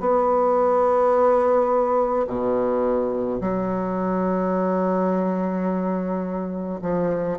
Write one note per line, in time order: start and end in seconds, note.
0.00 2.26 B3
2.27 3.41 B2
3.41 6.81 F#3
6.82 7.38 F3